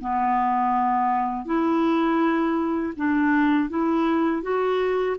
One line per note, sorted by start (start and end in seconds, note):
0.00 1.45 B3
1.45 2.93 E4
2.96 3.69 D4
3.69 4.42 E4
4.42 5.16 F#4